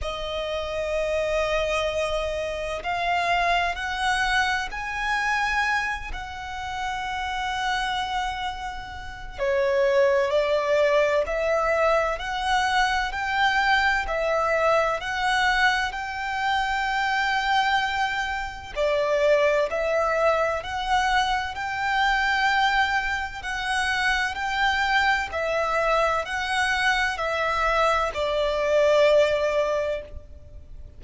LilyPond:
\new Staff \with { instrumentName = "violin" } { \time 4/4 \tempo 4 = 64 dis''2. f''4 | fis''4 gis''4. fis''4.~ | fis''2 cis''4 d''4 | e''4 fis''4 g''4 e''4 |
fis''4 g''2. | d''4 e''4 fis''4 g''4~ | g''4 fis''4 g''4 e''4 | fis''4 e''4 d''2 | }